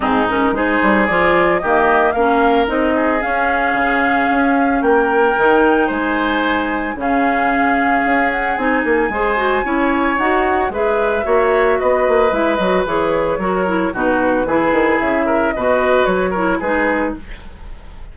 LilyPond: <<
  \new Staff \with { instrumentName = "flute" } { \time 4/4 \tempo 4 = 112 gis'8 ais'8 c''4 d''4 dis''4 | f''4 dis''4 f''2~ | f''4 g''2 gis''4~ | gis''4 f''2~ f''8 fis''8 |
gis''2. fis''4 | e''2 dis''4 e''8 dis''8 | cis''2 b'2 | e''4 dis''4 cis''4 b'4 | }
  \new Staff \with { instrumentName = "oboe" } { \time 4/4 dis'4 gis'2 g'4 | ais'4. gis'2~ gis'8~ | gis'4 ais'2 c''4~ | c''4 gis'2.~ |
gis'4 c''4 cis''2 | b'4 cis''4 b'2~ | b'4 ais'4 fis'4 gis'4~ | gis'8 ais'8 b'4. ais'8 gis'4 | }
  \new Staff \with { instrumentName = "clarinet" } { \time 4/4 c'8 cis'8 dis'4 f'4 ais4 | cis'4 dis'4 cis'2~ | cis'2 dis'2~ | dis'4 cis'2. |
dis'4 gis'8 fis'8 e'4 fis'4 | gis'4 fis'2 e'8 fis'8 | gis'4 fis'8 e'8 dis'4 e'4~ | e'4 fis'4. e'8 dis'4 | }
  \new Staff \with { instrumentName = "bassoon" } { \time 4/4 gis,4 gis8 g8 f4 dis4 | ais4 c'4 cis'4 cis4 | cis'4 ais4 dis4 gis4~ | gis4 cis2 cis'4 |
c'8 ais8 gis4 cis'4 dis'4 | gis4 ais4 b8 ais8 gis8 fis8 | e4 fis4 b,4 e8 dis8 | cis4 b,4 fis4 gis4 | }
>>